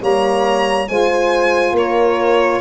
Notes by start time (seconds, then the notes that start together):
0.00 G3 A#3 C#5 A#5
0.88 G#3 F4 C5 G#5
1.72 A#3 A#4 C#5